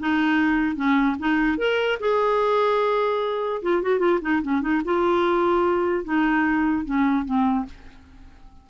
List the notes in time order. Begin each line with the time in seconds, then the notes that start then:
0.00 D#4
0.76 C#4
1.19 D#4
1.58 A#4
2.00 G#4
3.63 F4
3.83 F#4
4.00 F4
4.22 D#4
4.43 C#4
4.62 D#4
4.85 F4
6.05 D#4
6.86 C#4
7.25 C4